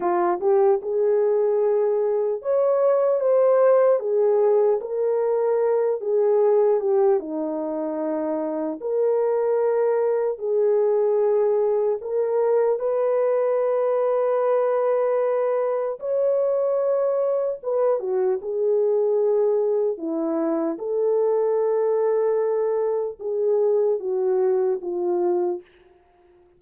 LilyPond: \new Staff \with { instrumentName = "horn" } { \time 4/4 \tempo 4 = 75 f'8 g'8 gis'2 cis''4 | c''4 gis'4 ais'4. gis'8~ | gis'8 g'8 dis'2 ais'4~ | ais'4 gis'2 ais'4 |
b'1 | cis''2 b'8 fis'8 gis'4~ | gis'4 e'4 a'2~ | a'4 gis'4 fis'4 f'4 | }